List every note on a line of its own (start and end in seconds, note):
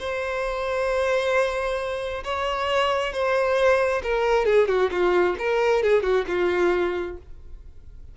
0.00 2.24 C5
2.24 3.13 C#5
3.13 4.03 C5
4.04 4.46 A#4
4.46 4.68 G#4
4.68 4.91 F#4
4.92 5.36 F4
5.39 5.83 A#4
5.83 6.03 G#4
6.03 6.26 F#4
6.28 7.18 F4